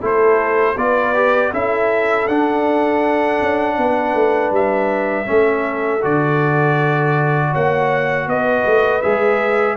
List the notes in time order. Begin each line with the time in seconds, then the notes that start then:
0.00 A3 E4 A4 C5
0.76 B3 F4 B4 D5
1.14 G4
1.52 C#4 E4 A4 E5
2.27 D4 F#5
3.41 C#4
3.77 B3 B4
4.14 A3
4.51 G3 E5
5.25 A3 C#4 A4
6.02 D3 F#4 D5
7.51 A#3 C#5 F#5
8.27 B3 B4 D#5
8.65 A3
9.02 G#3 G#4 E5